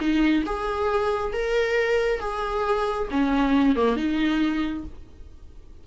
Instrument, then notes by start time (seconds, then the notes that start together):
viola
0.00 D#4
0.46 G#4
1.33 A#4
2.20 G#4
3.11 C#4
3.76 A#3
3.96 D#4